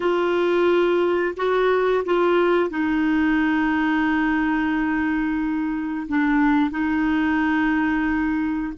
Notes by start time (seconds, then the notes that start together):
0.00 F4
1.36 F#4
2.05 F4
2.70 D#4
6.08 D4
6.70 D#4